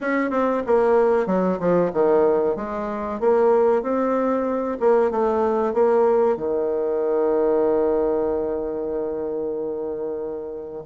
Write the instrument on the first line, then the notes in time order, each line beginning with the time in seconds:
bassoon
0.00 C#4
0.30 C4
0.66 A#3
1.26 F#3
1.59 F3
1.93 D#3
2.56 G#3
3.19 A#3
3.82 C4
4.80 A#3
5.11 A3
5.73 A#3
6.37 D#3